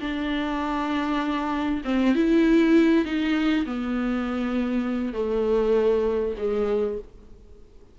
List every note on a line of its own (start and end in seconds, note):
0.00 1.82 D4
1.84 2.15 C4
2.15 3.05 E4
3.05 3.65 D#4
3.66 5.13 B3
5.13 6.34 A3
6.38 6.98 G#3